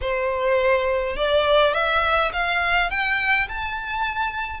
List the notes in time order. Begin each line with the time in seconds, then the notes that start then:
0.01 C5
1.16 D5
1.73 E5
2.32 F5
2.90 G5
3.48 A5